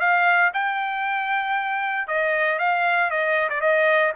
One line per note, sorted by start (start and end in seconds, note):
0.00 0.52 F5
0.54 2.08 G5
2.08 2.59 D#5
2.59 3.11 F5
3.11 3.49 D#5
3.50 3.61 D5
3.61 4.12 D#5